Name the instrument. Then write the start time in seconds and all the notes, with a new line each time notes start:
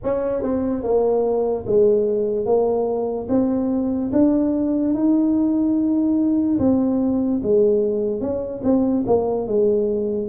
tuba
0.03 C#4
0.42 C4
0.83 A#3
1.66 G#3
2.45 A#3
3.29 C4
4.12 D4
4.94 D#4
6.58 C4
7.42 G#3
8.20 C#4
8.63 C4
9.06 A#3
9.47 G#3